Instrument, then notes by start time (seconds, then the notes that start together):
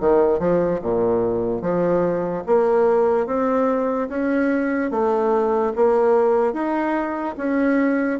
bassoon
0.00 D#3
0.40 F3
0.81 A#2
1.62 F3
2.47 A#3
3.27 C4
4.09 C#4
4.91 A3
5.76 A#3
6.53 D#4
7.37 C#4